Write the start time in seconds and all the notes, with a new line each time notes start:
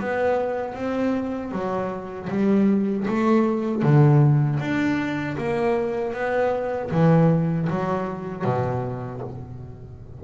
0.00 B3
0.74 C4
1.51 F#3
2.29 G3
3.07 A3
3.82 D3
4.59 D4
5.37 A#3
6.13 B3
6.91 E3
7.69 F#3
8.44 B2